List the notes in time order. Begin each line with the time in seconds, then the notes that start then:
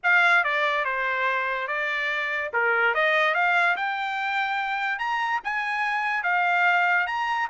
0.03 F5
0.44 D5
0.84 C5
1.67 D5
2.53 A#4
2.94 D#5
3.34 F5
3.76 G5
4.98 A#5
5.44 G#5
6.23 F5
7.06 A#5